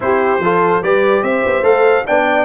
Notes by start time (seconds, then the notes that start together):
0.00 C4 E4 G4 C5
0.39 F3 F4 A4
0.82 G3 G4 B4 D5
1.23 C4 C5 E5
1.45 B3
1.62 A3 A4 F5
2.06 B3 D4 D5 G5